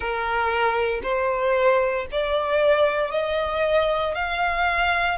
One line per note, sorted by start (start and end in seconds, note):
0.00 1.01 A#4
1.03 2.06 C5
2.11 3.11 D5
3.11 4.14 D#5
4.14 5.17 F5